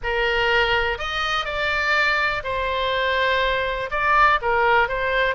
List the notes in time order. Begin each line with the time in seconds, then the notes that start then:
0.03 A#4
0.98 D#5
1.45 D5
2.43 C5
3.90 D5
4.41 A#4
4.88 C5